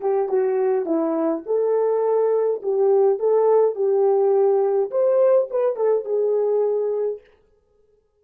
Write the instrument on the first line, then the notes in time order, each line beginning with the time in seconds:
horn
0.00 G4
0.28 F#4
0.85 E4
1.46 A4
2.62 G4
3.19 A4
3.75 G4
4.90 C5
5.50 B4
5.76 A4
6.04 G#4